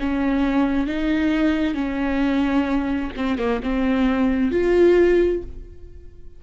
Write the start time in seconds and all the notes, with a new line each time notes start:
0.00 C#4
0.87 D#4
1.75 C#4
3.17 C4
3.38 A#3
3.63 C4
4.52 F4